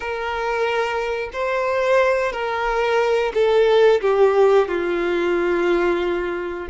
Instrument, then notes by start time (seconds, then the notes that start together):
violin
0.00 A#4
1.32 C5
2.32 A#4
3.34 A4
4.01 G4
4.68 F4